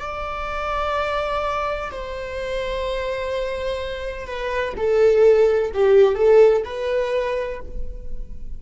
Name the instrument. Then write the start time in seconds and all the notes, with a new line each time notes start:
viola
0.00 D5
1.92 C5
4.27 B4
4.77 A4
5.74 G4
6.15 A4
6.65 B4